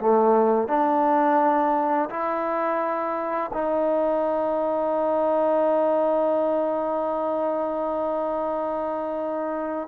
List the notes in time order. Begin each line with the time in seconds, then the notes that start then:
0.00 A3
0.68 D4
2.10 E4
3.53 D#4